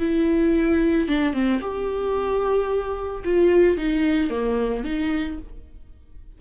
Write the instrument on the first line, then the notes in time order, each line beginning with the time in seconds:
viola
0.00 E4
1.08 D4
1.34 C4
1.61 G4
3.25 F4
3.77 D#4
4.30 A#3
4.85 D#4